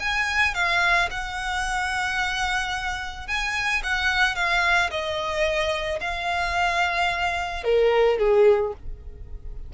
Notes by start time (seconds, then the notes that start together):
0.00 G#5
0.55 F5
1.11 F#5
3.28 G#5
3.84 F#5
4.36 F5
4.91 D#5
6.01 F5
7.64 A#4
8.19 G#4